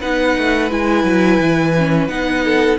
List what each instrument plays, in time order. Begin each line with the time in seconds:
0.00 cello B3, viola D#4, violin B4 F#5
0.38 cello A3
0.69 cello G#3, viola E4, violin G#5
1.04 cello F#3
1.39 cello E3
1.78 viola C#4
2.08 cello B3, viola D#4, violin F#5
2.45 violin A4